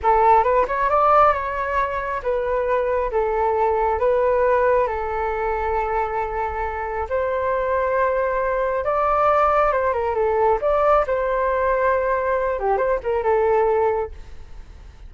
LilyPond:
\new Staff \with { instrumentName = "flute" } { \time 4/4 \tempo 4 = 136 a'4 b'8 cis''8 d''4 cis''4~ | cis''4 b'2 a'4~ | a'4 b'2 a'4~ | a'1 |
c''1 | d''2 c''8 ais'8 a'4 | d''4 c''2.~ | c''8 g'8 c''8 ais'8 a'2 | }